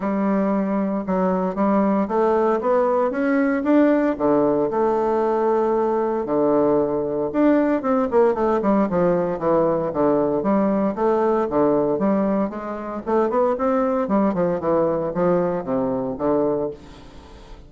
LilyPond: \new Staff \with { instrumentName = "bassoon" } { \time 4/4 \tempo 4 = 115 g2 fis4 g4 | a4 b4 cis'4 d'4 | d4 a2. | d2 d'4 c'8 ais8 |
a8 g8 f4 e4 d4 | g4 a4 d4 g4 | gis4 a8 b8 c'4 g8 f8 | e4 f4 c4 d4 | }